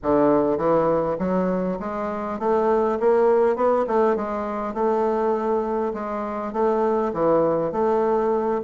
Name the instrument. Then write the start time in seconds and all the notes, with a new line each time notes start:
bassoon
0.02 D3
0.57 E3
1.19 F#3
1.79 G#3
2.39 A3
3.00 A#3
3.56 B3
3.87 A3
4.16 G#3
4.74 A3
5.93 G#3
6.52 A3
7.13 E3
7.71 A3